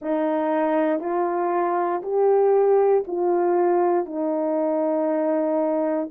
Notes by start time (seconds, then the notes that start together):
0.01 D#4
1.00 F4
2.02 G4
3.07 F4
4.05 D#4